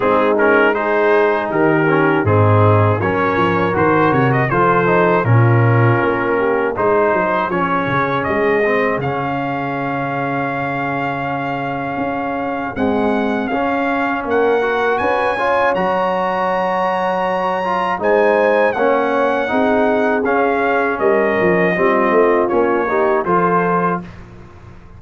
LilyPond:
<<
  \new Staff \with { instrumentName = "trumpet" } { \time 4/4 \tempo 4 = 80 gis'8 ais'8 c''4 ais'4 gis'4 | cis''4 c''8 cis''16 dis''16 c''4 ais'4~ | ais'4 c''4 cis''4 dis''4 | f''1~ |
f''4 fis''4 f''4 fis''4 | gis''4 ais''2. | gis''4 fis''2 f''4 | dis''2 cis''4 c''4 | }
  \new Staff \with { instrumentName = "horn" } { \time 4/4 dis'4 gis'4 g'4 dis'4 | ais'2 a'4 f'4~ | f'8 g'8 gis'2.~ | gis'1~ |
gis'2. ais'4 | b'8 cis''2.~ cis''8 | c''4 cis''4 gis'2 | ais'4 f'4. g'8 a'4 | }
  \new Staff \with { instrumentName = "trombone" } { \time 4/4 c'8 cis'8 dis'4. cis'8 c'4 | cis'4 fis'4 f'8 dis'8 cis'4~ | cis'4 dis'4 cis'4. c'8 | cis'1~ |
cis'4 gis4 cis'4. fis'8~ | fis'8 f'8 fis'2~ fis'8 f'8 | dis'4 cis'4 dis'4 cis'4~ | cis'4 c'4 cis'8 dis'8 f'4 | }
  \new Staff \with { instrumentName = "tuba" } { \time 4/4 gis2 dis4 gis,4 | fis8 f8 dis8 c8 f4 ais,4 | ais4 gis8 fis8 f8 cis8 gis4 | cis1 |
cis'4 c'4 cis'4 ais4 | cis'4 fis2. | gis4 ais4 c'4 cis'4 | g8 f8 g8 a8 ais4 f4 | }
>>